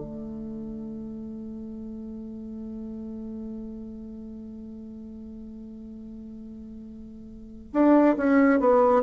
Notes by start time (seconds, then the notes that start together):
0.00 A3
7.73 D4
8.17 C#4
8.59 B3